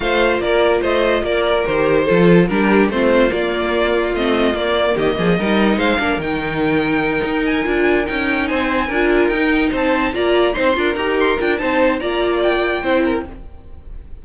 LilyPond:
<<
  \new Staff \with { instrumentName = "violin" } { \time 4/4 \tempo 4 = 145 f''4 d''4 dis''4 d''4 | c''2 ais'4 c''4 | d''2 dis''4 d''4 | dis''2 f''4 g''4~ |
g''2 gis''4. g''8~ | g''8 gis''2 g''4 a''8~ | a''8 ais''4 c'''4 ais''8 c'''8 g''8 | a''4 ais''4 g''2 | }
  \new Staff \with { instrumentName = "violin" } { \time 4/4 c''4 ais'4 c''4 ais'4~ | ais'4 a'4 g'4 f'4~ | f'1 | g'8 gis'8 ais'4 c''8 ais'4.~ |
ais'1~ | ais'8 c''4 ais'2 c''8~ | c''8 d''4 c''8 ais'2 | c''4 d''2 c''8 ais'8 | }
  \new Staff \with { instrumentName = "viola" } { \time 4/4 f'1 | g'4 f'4 d'4 c'4 | ais2 c'4 ais4~ | ais4 dis'4. d'8 dis'4~ |
dis'2~ dis'8 f'4 dis'8~ | dis'4. f'4 dis'4.~ | dis'8 f'4 dis'8 f'8 g'4 f'8 | dis'4 f'2 e'4 | }
  \new Staff \with { instrumentName = "cello" } { \time 4/4 a4 ais4 a4 ais4 | dis4 f4 g4 a4 | ais2 a4 ais4 | dis8 f8 g4 gis8 ais8 dis4~ |
dis4. dis'4 d'4 cis'8~ | cis'8 c'4 d'4 dis'4 c'8~ | c'8 ais4 c'8 d'8 dis'4 d'8 | c'4 ais2 c'4 | }
>>